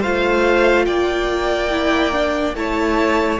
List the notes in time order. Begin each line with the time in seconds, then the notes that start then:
0.00 A3 F4 C5 F5
0.85 A#3 D5 G5
1.70 E4
2.12 D4
2.54 A3 E4 C#5 A5